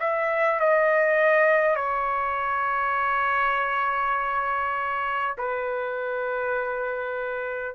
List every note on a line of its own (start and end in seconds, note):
0.00 0.59 E5
0.59 1.76 D#5
1.76 5.36 C#5
5.38 7.75 B4